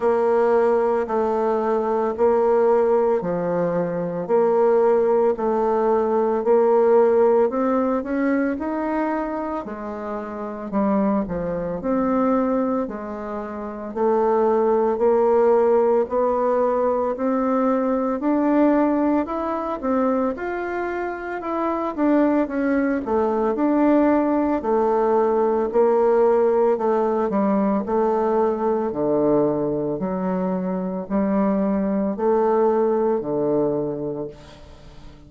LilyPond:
\new Staff \with { instrumentName = "bassoon" } { \time 4/4 \tempo 4 = 56 ais4 a4 ais4 f4 | ais4 a4 ais4 c'8 cis'8 | dis'4 gis4 g8 f8 c'4 | gis4 a4 ais4 b4 |
c'4 d'4 e'8 c'8 f'4 | e'8 d'8 cis'8 a8 d'4 a4 | ais4 a8 g8 a4 d4 | fis4 g4 a4 d4 | }